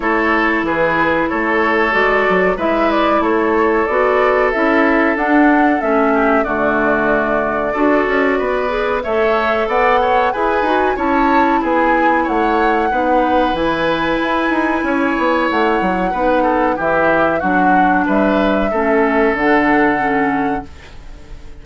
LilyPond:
<<
  \new Staff \with { instrumentName = "flute" } { \time 4/4 \tempo 4 = 93 cis''4 b'4 cis''4 d''4 | e''8 d''8 cis''4 d''4 e''4 | fis''4 e''4 d''2~ | d''2 e''4 fis''4 |
gis''4 a''4 gis''4 fis''4~ | fis''4 gis''2. | fis''2 e''4 fis''4 | e''2 fis''2 | }
  \new Staff \with { instrumentName = "oboe" } { \time 4/4 a'4 gis'4 a'2 | b'4 a'2.~ | a'4. g'8 fis'2 | a'4 b'4 cis''4 d''8 cis''8 |
b'4 cis''4 gis'4 cis''4 | b'2. cis''4~ | cis''4 b'8 a'8 g'4 fis'4 | b'4 a'2. | }
  \new Staff \with { instrumentName = "clarinet" } { \time 4/4 e'2. fis'4 | e'2 fis'4 e'4 | d'4 cis'4 a2 | fis'4. gis'8 a'2 |
gis'8 fis'8 e'2. | dis'4 e'2.~ | e'4 dis'4 e'4 d'4~ | d'4 cis'4 d'4 cis'4 | }
  \new Staff \with { instrumentName = "bassoon" } { \time 4/4 a4 e4 a4 gis8 fis8 | gis4 a4 b4 cis'4 | d'4 a4 d2 | d'8 cis'8 b4 a4 b4 |
e'8 dis'8 cis'4 b4 a4 | b4 e4 e'8 dis'8 cis'8 b8 | a8 fis8 b4 e4 fis4 | g4 a4 d2 | }
>>